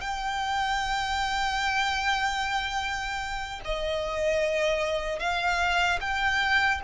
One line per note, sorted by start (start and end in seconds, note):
0.00 3.60 G5
3.64 5.19 D#5
5.19 5.99 F5
6.00 6.80 G5